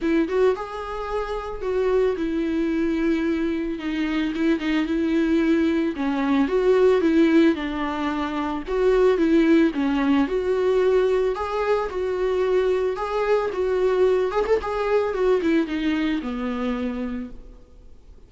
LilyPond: \new Staff \with { instrumentName = "viola" } { \time 4/4 \tempo 4 = 111 e'8 fis'8 gis'2 fis'4 | e'2. dis'4 | e'8 dis'8 e'2 cis'4 | fis'4 e'4 d'2 |
fis'4 e'4 cis'4 fis'4~ | fis'4 gis'4 fis'2 | gis'4 fis'4. gis'16 a'16 gis'4 | fis'8 e'8 dis'4 b2 | }